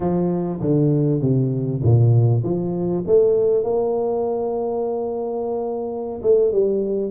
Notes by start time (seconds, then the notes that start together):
0.00 F3
0.61 D3
1.21 C3
1.82 A#2
2.43 F3
3.07 A3
3.63 A#3
6.22 A3
6.51 G3